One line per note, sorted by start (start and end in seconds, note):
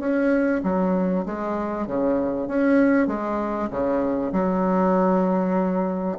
0.00 0.62 C#4
0.63 1.25 F#3
1.26 1.87 G#3
1.87 2.48 C#3
2.48 3.08 C#4
3.08 3.69 G#3
3.71 4.32 C#3
4.32 6.18 F#3